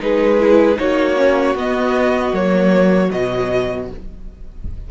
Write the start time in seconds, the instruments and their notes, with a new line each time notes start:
0.00 cello G#3, viola D#4, violin G#4 B4
0.40 viola E4
0.76 cello A#3, viola D#4, violin F#4 C#5
1.17 viola C#4
1.55 cello B3, viola B3, violin D#5
2.33 cello F#3, viola A#3, violin C#5
3.10 cello B2, viola F#3, violin D#5